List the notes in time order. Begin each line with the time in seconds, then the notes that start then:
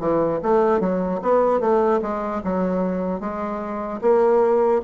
0.00 E3
0.43 A3
0.80 F#3
1.22 B3
1.60 A3
2.02 G#3
2.44 F#3
3.20 G#3
4.01 A#3